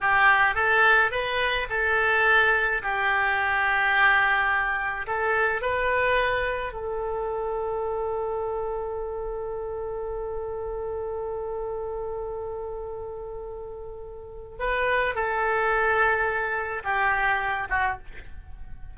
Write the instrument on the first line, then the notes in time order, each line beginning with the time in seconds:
oboe
0.01 G4
0.55 A4
1.11 B4
1.69 A4
2.82 G4
5.06 A4
5.61 B4
6.72 A4
14.59 B4
15.14 A4
16.84 G4
17.69 F#4